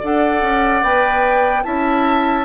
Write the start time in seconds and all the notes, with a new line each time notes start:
0.00 D4 A4 D5 F#5
0.42 C#4
0.82 B3 B4 G5
1.63 C#4 E4 E5 A5